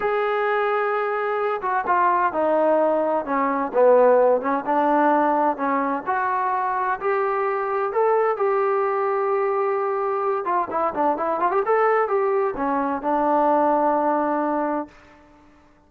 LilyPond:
\new Staff \with { instrumentName = "trombone" } { \time 4/4 \tempo 4 = 129 gis'2.~ gis'8 fis'8 | f'4 dis'2 cis'4 | b4. cis'8 d'2 | cis'4 fis'2 g'4~ |
g'4 a'4 g'2~ | g'2~ g'8 f'8 e'8 d'8 | e'8 f'16 g'16 a'4 g'4 cis'4 | d'1 | }